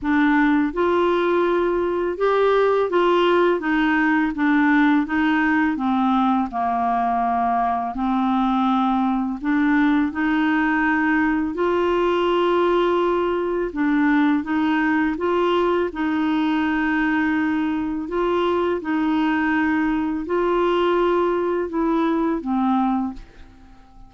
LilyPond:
\new Staff \with { instrumentName = "clarinet" } { \time 4/4 \tempo 4 = 83 d'4 f'2 g'4 | f'4 dis'4 d'4 dis'4 | c'4 ais2 c'4~ | c'4 d'4 dis'2 |
f'2. d'4 | dis'4 f'4 dis'2~ | dis'4 f'4 dis'2 | f'2 e'4 c'4 | }